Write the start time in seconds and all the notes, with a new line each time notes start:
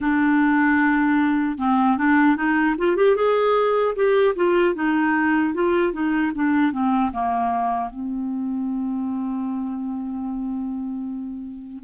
0.00 D4
1.58 C4
1.97 D4
2.36 D#4
2.78 F4
2.96 G4
3.16 G#4
3.95 G4
4.35 F4
4.74 D#4
5.54 F4
5.92 D#4
6.34 D4
6.72 C4
7.12 A#3
7.89 C4